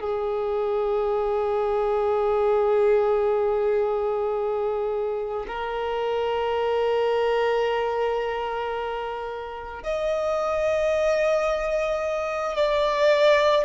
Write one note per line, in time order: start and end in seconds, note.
0.00 5.45 G#4
5.47 9.83 A#4
9.83 12.56 D#5
12.56 13.64 D5